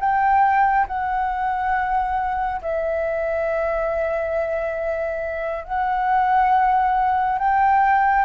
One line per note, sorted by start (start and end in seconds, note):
0.00 0.87 G5
0.87 2.61 F#5
2.61 5.64 E5
5.64 7.38 F#5
7.38 8.25 G5